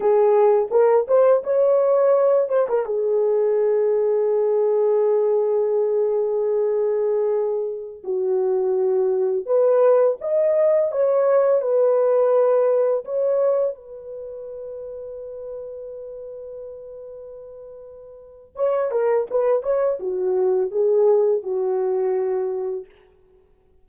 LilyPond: \new Staff \with { instrumentName = "horn" } { \time 4/4 \tempo 4 = 84 gis'4 ais'8 c''8 cis''4. c''16 ais'16 | gis'1~ | gis'2.~ gis'16 fis'8.~ | fis'4~ fis'16 b'4 dis''4 cis''8.~ |
cis''16 b'2 cis''4 b'8.~ | b'1~ | b'2 cis''8 ais'8 b'8 cis''8 | fis'4 gis'4 fis'2 | }